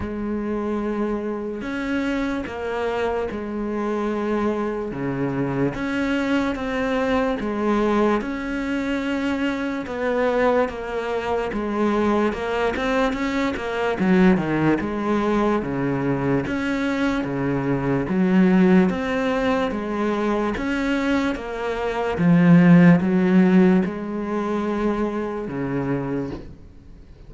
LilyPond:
\new Staff \with { instrumentName = "cello" } { \time 4/4 \tempo 4 = 73 gis2 cis'4 ais4 | gis2 cis4 cis'4 | c'4 gis4 cis'2 | b4 ais4 gis4 ais8 c'8 |
cis'8 ais8 fis8 dis8 gis4 cis4 | cis'4 cis4 fis4 c'4 | gis4 cis'4 ais4 f4 | fis4 gis2 cis4 | }